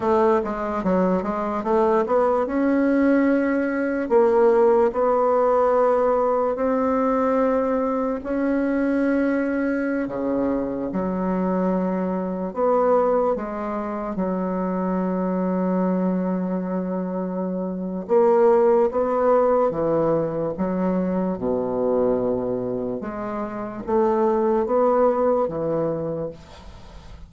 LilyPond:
\new Staff \with { instrumentName = "bassoon" } { \time 4/4 \tempo 4 = 73 a8 gis8 fis8 gis8 a8 b8 cis'4~ | cis'4 ais4 b2 | c'2 cis'2~ | cis'16 cis4 fis2 b8.~ |
b16 gis4 fis2~ fis8.~ | fis2 ais4 b4 | e4 fis4 b,2 | gis4 a4 b4 e4 | }